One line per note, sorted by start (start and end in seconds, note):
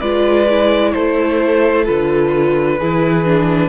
0.00 0.94 G#3
0.00 0.48 F4
0.00 0.92 B4
0.00 0.92 D5
0.49 1.86 E4
0.92 1.88 A3
0.92 2.78 A4
0.92 1.84 C5
1.85 2.80 D3
1.85 2.78 F4
1.85 3.69 B4
2.78 3.69 E3
2.78 3.25 E4
2.78 3.69 G#4
3.25 3.69 D4